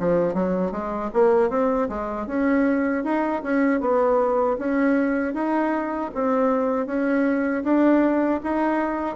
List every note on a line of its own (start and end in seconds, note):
0.00 0.35 F3
0.35 0.72 F#3
0.72 1.11 G#3
1.14 1.50 A#3
1.50 1.89 C4
1.90 2.27 G#3
2.27 3.04 C#4
3.05 3.43 D#4
3.43 3.81 C#4
3.81 4.58 B3
4.59 5.35 C#4
5.35 6.12 D#4
6.15 6.87 C4
6.87 7.64 C#4
7.64 8.41 D4
8.44 9.16 D#4